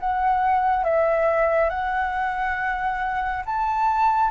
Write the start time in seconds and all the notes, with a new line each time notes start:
0.00 F#5
0.84 E5
1.70 F#5
3.46 A5